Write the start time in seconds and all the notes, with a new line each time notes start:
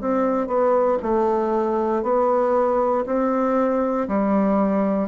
0.00 C4
0.47 B3
1.02 A3
2.02 B3
3.06 C4
4.08 G3